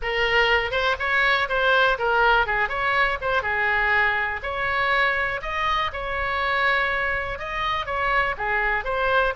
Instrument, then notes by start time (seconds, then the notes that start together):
oboe
0.01 A#4
0.71 C5
0.99 C#5
1.49 C5
1.98 A#4
2.46 G#4
2.68 C#5
3.21 C5
3.42 G#4
4.42 C#5
5.42 D#5
5.93 C#5
7.38 D#5
7.86 C#5
8.37 G#4
8.84 C5